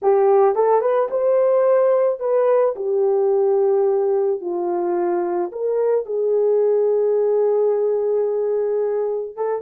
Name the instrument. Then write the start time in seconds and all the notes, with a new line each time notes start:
horn
0.02 G4
0.55 A4
0.81 B4
1.10 C5
2.19 B4
2.75 G4
4.41 F4
5.52 A#4
6.05 G#4
9.36 A4